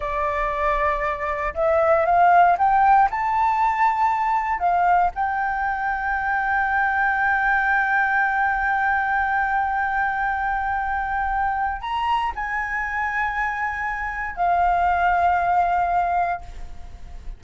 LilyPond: \new Staff \with { instrumentName = "flute" } { \time 4/4 \tempo 4 = 117 d''2. e''4 | f''4 g''4 a''2~ | a''4 f''4 g''2~ | g''1~ |
g''1~ | g''2. ais''4 | gis''1 | f''1 | }